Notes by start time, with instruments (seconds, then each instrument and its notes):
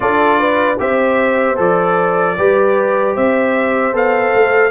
0.00 tuba D4, trombone F4, horn A4, trumpet D5
0.39 horn B4
0.78 tuba C4, trombone G4, horn C5, trumpet E5
1.56 tuba F3, trombone A4, trumpet D5
2.37 tuba G3, trombone G4, horn B4
3.14 tuba C4, horn C5, trumpet E5
3.92 tuba B3, trombone A4, trumpet F5
4.34 tuba A3